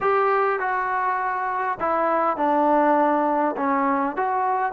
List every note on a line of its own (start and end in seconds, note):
0.00 0.59 G4
0.59 1.78 F#4
1.80 2.36 E4
2.36 3.55 D4
3.56 4.16 C#4
4.16 4.72 F#4